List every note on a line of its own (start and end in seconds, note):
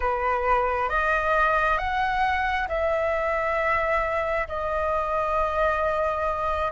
0.00 0.89 B4
0.89 1.78 D#5
1.78 2.67 F#5
2.68 4.47 E5
4.48 6.71 D#5